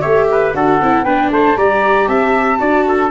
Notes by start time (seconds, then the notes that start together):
0.00 A3 G4 C#5 E5
0.31 B4
0.54 D4 F#4 A4 F#5
0.82 C4 E4
1.04 B3 D4 B4 G5
1.31 A3 C5 A5
1.57 G3 G4 D5 A#5
2.08 C4 E5 A5
2.59 D4 F#4 D5
2.88 A4